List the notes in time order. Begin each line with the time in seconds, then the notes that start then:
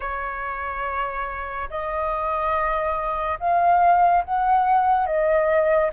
0.00 C#5
1.69 D#5
3.39 F5
4.24 F#5
5.06 D#5